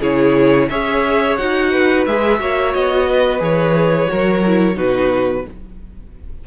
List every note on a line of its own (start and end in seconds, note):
0.00 0.68 C#3
0.00 0.70 E4
0.00 0.68 G#4
0.00 0.69 C#5
0.69 1.38 C#4
0.69 1.38 G#4
0.69 1.71 C#5
0.69 1.36 E5
1.36 2.06 D#4
1.36 2.06 F#4
1.36 2.05 F#5
1.71 2.39 B4
2.06 2.40 G#3
2.06 2.39 G#4
2.06 2.73 E5
2.39 2.74 A#3
2.39 3.39 F#4
2.39 3.09 C#5
2.73 3.40 B3
2.73 3.41 D#5
3.09 4.10 B4
3.39 4.08 E3
3.39 4.07 G#4
3.39 4.78 C#5
4.08 4.76 F#3
4.08 4.42 F#4
4.08 4.76 A#4
4.46 4.74 E4
4.74 5.45 B2
4.74 5.43 D#4
4.74 5.44 F#4
4.74 5.46 B4